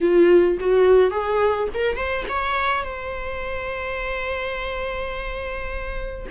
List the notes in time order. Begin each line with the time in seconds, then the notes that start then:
0.01 F4
0.60 F#4
1.10 G#4
1.74 A#4
1.96 C5
2.28 C#5
2.83 C5